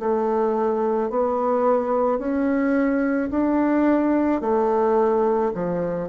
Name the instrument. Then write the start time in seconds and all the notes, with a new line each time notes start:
bassoon
0.00 A3
1.10 B3
2.19 C#4
3.31 D4
4.41 A3
5.55 F3